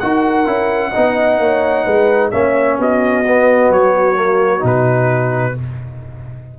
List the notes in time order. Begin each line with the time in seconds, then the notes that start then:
0.00 D#4 F#4 A#4 F#5
0.46 C#4 E4
0.90 D#4 D#5
0.97 B3
1.39 A#3 C#5
1.85 G#3 B4
2.32 A#3 C#4 C#5 E5
2.79 B3 F#4 D#5
3.28 B3
3.70 F#3 C#5
4.16 A#3
4.60 B2 D#4
4.67 B4